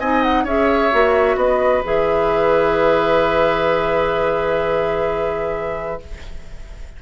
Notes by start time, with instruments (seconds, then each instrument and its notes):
0.00 bassoon C4, clarinet D#4, oboe D#5, flute G#5
0.22 flute F#5
0.44 bassoon C#4, clarinet G#4, oboe C#5, flute E5
0.92 bassoon A#3, clarinet F#4
1.36 bassoon B3, oboe B4, flute D#5
1.84 bassoon E3, clarinet G#4, flute E5